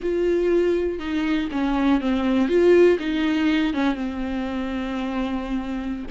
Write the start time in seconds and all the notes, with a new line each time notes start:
0.02 F4
0.99 D#4
1.51 C#4
2.00 C4
2.48 F4
2.99 D#4
3.73 C#4
3.94 C4